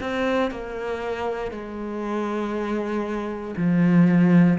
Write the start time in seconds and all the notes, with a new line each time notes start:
0.00 C4
0.51 A#3
1.51 G#3
3.57 F3